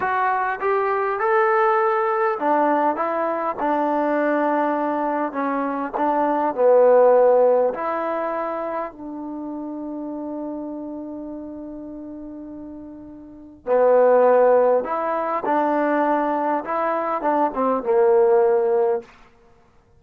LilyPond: \new Staff \with { instrumentName = "trombone" } { \time 4/4 \tempo 4 = 101 fis'4 g'4 a'2 | d'4 e'4 d'2~ | d'4 cis'4 d'4 b4~ | b4 e'2 d'4~ |
d'1~ | d'2. b4~ | b4 e'4 d'2 | e'4 d'8 c'8 ais2 | }